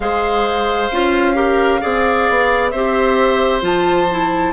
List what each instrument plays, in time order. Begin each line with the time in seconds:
0.00 bassoon G#3, clarinet G#4, oboe C5, flute F5
0.91 bassoon C#4, clarinet F4
1.34 clarinet G4, oboe A#4
1.80 bassoon C4, clarinet G#4, oboe D5
2.29 bassoon B3
2.70 bassoon C4, clarinet G4, oboe C5, flute E5
3.61 bassoon F3, clarinet F4, flute A5
4.11 clarinet E4